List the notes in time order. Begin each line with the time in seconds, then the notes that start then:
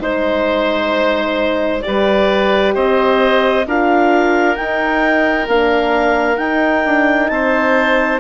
0.00 G#3 D#4 C5
1.82 G3 G4 B4 D5
2.74 C4 C5 D#5
3.66 D4 F4 A#4 F5
4.56 D#4 G5
5.47 A#3 D4 F5
6.37 D#4 G5
6.85 D4
7.28 C4 C5 A5